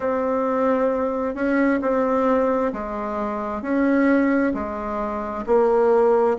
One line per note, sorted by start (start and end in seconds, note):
0.00 1.34 C4
1.34 1.80 C#4
1.81 2.72 C4
2.72 3.62 G#3
3.62 4.52 C#4
4.54 5.45 G#3
5.46 6.37 A#3